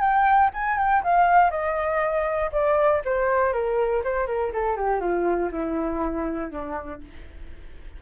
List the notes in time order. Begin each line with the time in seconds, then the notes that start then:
0.00 G5
0.54 G#5
0.78 G5
1.03 F5
1.50 D#5
2.52 D5
3.05 C5
3.53 A#4
4.04 C5
4.27 A#4
4.53 A4
4.76 G4
5.00 F4
5.51 E4
6.51 D4